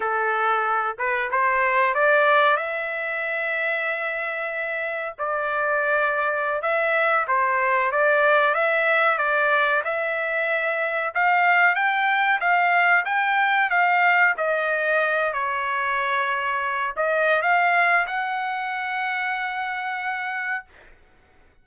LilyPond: \new Staff \with { instrumentName = "trumpet" } { \time 4/4 \tempo 4 = 93 a'4. b'8 c''4 d''4 | e''1 | d''2~ d''16 e''4 c''8.~ | c''16 d''4 e''4 d''4 e''8.~ |
e''4~ e''16 f''4 g''4 f''8.~ | f''16 g''4 f''4 dis''4. cis''16~ | cis''2~ cis''16 dis''8. f''4 | fis''1 | }